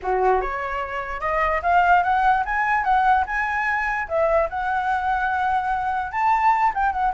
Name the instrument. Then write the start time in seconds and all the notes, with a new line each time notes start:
flute
0.02 F#4
0.41 C#5
1.20 D#5
1.62 F5
2.03 F#5
2.45 G#5
2.84 F#5
3.26 G#5
4.08 E5
4.49 F#5
6.11 A5
6.74 G5
6.92 F#5